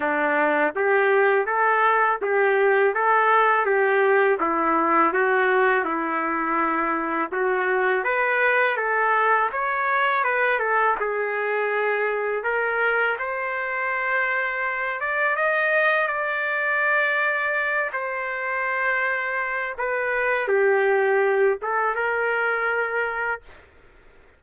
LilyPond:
\new Staff \with { instrumentName = "trumpet" } { \time 4/4 \tempo 4 = 82 d'4 g'4 a'4 g'4 | a'4 g'4 e'4 fis'4 | e'2 fis'4 b'4 | a'4 cis''4 b'8 a'8 gis'4~ |
gis'4 ais'4 c''2~ | c''8 d''8 dis''4 d''2~ | d''8 c''2~ c''8 b'4 | g'4. a'8 ais'2 | }